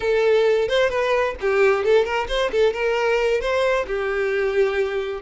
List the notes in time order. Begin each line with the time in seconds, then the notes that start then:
0.00 A4
0.68 C5
0.89 B4
1.40 G4
1.84 A4
2.04 A#4
2.27 C5
2.51 A4
2.73 A#4
3.40 C5
3.86 G4